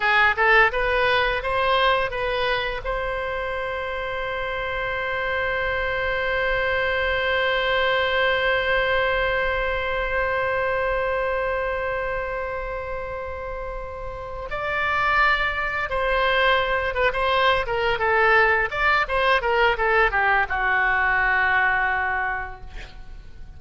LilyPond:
\new Staff \with { instrumentName = "oboe" } { \time 4/4 \tempo 4 = 85 gis'8 a'8 b'4 c''4 b'4 | c''1~ | c''1~ | c''1~ |
c''1~ | c''8 d''2 c''4. | b'16 c''8. ais'8 a'4 d''8 c''8 ais'8 | a'8 g'8 fis'2. | }